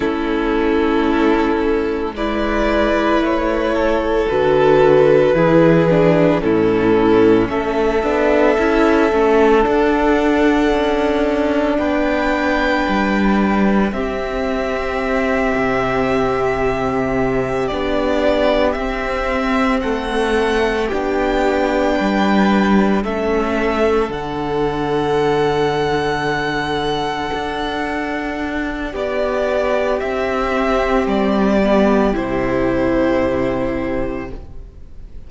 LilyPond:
<<
  \new Staff \with { instrumentName = "violin" } { \time 4/4 \tempo 4 = 56 a'2 d''4 cis''4 | b'2 a'4 e''4~ | e''4 fis''2 g''4~ | g''4 e''2.~ |
e''8 d''4 e''4 fis''4 g''8~ | g''4. e''4 fis''4.~ | fis''2. d''4 | e''4 d''4 c''2 | }
  \new Staff \with { instrumentName = "violin" } { \time 4/4 e'2 b'4. a'8~ | a'4 gis'4 e'4 a'4~ | a'2. b'4~ | b'4 g'2.~ |
g'2~ g'8 a'4 g'8~ | g'8 b'4 a'2~ a'8~ | a'2. g'4~ | g'1 | }
  \new Staff \with { instrumentName = "viola" } { \time 4/4 cis'2 e'2 | fis'4 e'8 d'8 cis'4. d'8 | e'8 cis'8 d'2.~ | d'4 c'2.~ |
c'8 d'4 c'2 d'8~ | d'4. cis'4 d'4.~ | d'1~ | d'8 c'4 b8 e'2 | }
  \new Staff \with { instrumentName = "cello" } { \time 4/4 a2 gis4 a4 | d4 e4 a,4 a8 b8 | cis'8 a8 d'4 cis'4 b4 | g4 c'4. c4.~ |
c8 b4 c'4 a4 b8~ | b8 g4 a4 d4.~ | d4. d'4. b4 | c'4 g4 c2 | }
>>